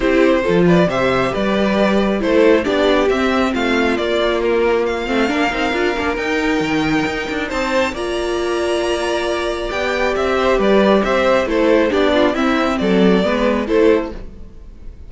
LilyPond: <<
  \new Staff \with { instrumentName = "violin" } { \time 4/4 \tempo 4 = 136 c''4. d''8 e''4 d''4~ | d''4 c''4 d''4 e''4 | f''4 d''4 ais'4 f''4~ | f''2 g''2~ |
g''4 a''4 ais''2~ | ais''2 g''4 e''4 | d''4 e''4 c''4 d''4 | e''4 d''2 c''4 | }
  \new Staff \with { instrumentName = "violin" } { \time 4/4 g'4 a'8 b'8 c''4 b'4~ | b'4 a'4 g'2 | f'1 | ais'1~ |
ais'4 c''4 d''2~ | d''2.~ d''8 c''8 | b'4 c''4 a'4 g'8 f'8 | e'4 a'4 b'4 a'4 | }
  \new Staff \with { instrumentName = "viola" } { \time 4/4 e'4 f'4 g'2~ | g'4 e'4 d'4 c'4~ | c'4 ais2~ ais8 c'8 | d'8 dis'8 f'8 d'8 dis'2~ |
dis'2 f'2~ | f'2 g'2~ | g'2 e'4 d'4 | c'2 b4 e'4 | }
  \new Staff \with { instrumentName = "cello" } { \time 4/4 c'4 f4 c4 g4~ | g4 a4 b4 c'4 | a4 ais2~ ais8 a8 | ais8 c'8 d'8 ais8 dis'4 dis4 |
dis'8 d'8 c'4 ais2~ | ais2 b4 c'4 | g4 c'4 a4 b4 | c'4 fis4 gis4 a4 | }
>>